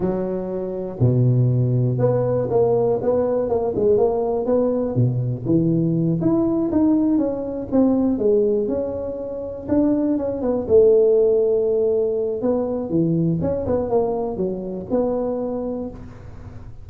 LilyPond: \new Staff \with { instrumentName = "tuba" } { \time 4/4 \tempo 4 = 121 fis2 b,2 | b4 ais4 b4 ais8 gis8 | ais4 b4 b,4 e4~ | e8 e'4 dis'4 cis'4 c'8~ |
c'8 gis4 cis'2 d'8~ | d'8 cis'8 b8 a2~ a8~ | a4 b4 e4 cis'8 b8 | ais4 fis4 b2 | }